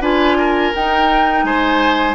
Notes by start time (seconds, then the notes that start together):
0.00 D4 F4 B4 G#5
0.38 A#4
0.75 D#4 G5
1.44 G#3 C5 G#5